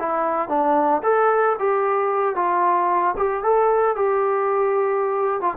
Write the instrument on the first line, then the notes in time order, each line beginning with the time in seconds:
trombone
0.00 E4
0.49 D4
1.04 A4
1.59 G4
2.36 F4
3.18 G4
3.44 A4
3.96 G4
5.41 F4